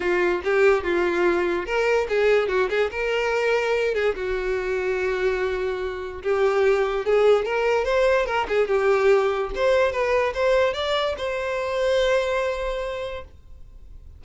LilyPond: \new Staff \with { instrumentName = "violin" } { \time 4/4 \tempo 4 = 145 f'4 g'4 f'2 | ais'4 gis'4 fis'8 gis'8 ais'4~ | ais'4. gis'8 fis'2~ | fis'2. g'4~ |
g'4 gis'4 ais'4 c''4 | ais'8 gis'8 g'2 c''4 | b'4 c''4 d''4 c''4~ | c''1 | }